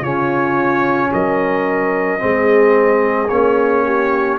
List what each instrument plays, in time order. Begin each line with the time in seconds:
0.00 tuba C#3, trombone C#4, horn F4, trumpet C#5
1.13 tuba F#3, horn A#4, trumpet D#5
2.19 tuba G#3, trombone C4, horn G#4
3.29 tuba A#3, trombone C#4, trumpet C#5
3.85 horn G4